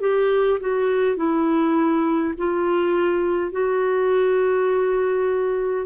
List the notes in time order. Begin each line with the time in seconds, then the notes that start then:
0.00 G4
0.60 F#4
1.17 E4
2.37 F4
3.51 F#4